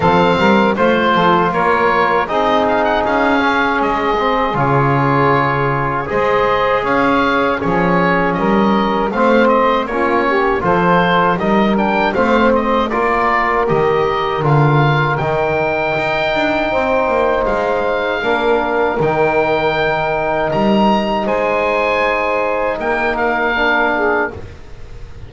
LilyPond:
<<
  \new Staff \with { instrumentName = "oboe" } { \time 4/4 \tempo 4 = 79 f''4 c''4 cis''4 dis''8 f''16 fis''16 | f''4 dis''4 cis''2 | dis''4 f''4 cis''4 dis''4 | f''8 dis''8 cis''4 c''4 dis''8 g''8 |
f''8 dis''8 d''4 dis''4 f''4 | g''2. f''4~ | f''4 g''2 ais''4 | gis''2 g''8 f''4. | }
  \new Staff \with { instrumentName = "saxophone" } { \time 4/4 a'8 ais'8 c''8 a'8 ais'4 gis'4~ | gis'1 | c''4 cis''4 gis'4 ais'4 | c''4 f'8 g'8 a'4 ais'4 |
c''4 ais'2.~ | ais'2 c''2 | ais'1 | c''2 ais'4. gis'8 | }
  \new Staff \with { instrumentName = "trombone" } { \time 4/4 c'4 f'2 dis'4~ | dis'8 cis'4 c'8 f'2 | gis'2 cis'2 | c'4 cis'4 f'4 dis'8 d'8 |
c'4 f'4 g'4 f'4 | dis'1 | d'4 dis'2.~ | dis'2. d'4 | }
  \new Staff \with { instrumentName = "double bass" } { \time 4/4 f8 g8 a8 f8 ais4 c'4 | cis'4 gis4 cis2 | gis4 cis'4 f4 g4 | a4 ais4 f4 g4 |
a4 ais4 dis4 d4 | dis4 dis'8 d'8 c'8 ais8 gis4 | ais4 dis2 g4 | gis2 ais2 | }
>>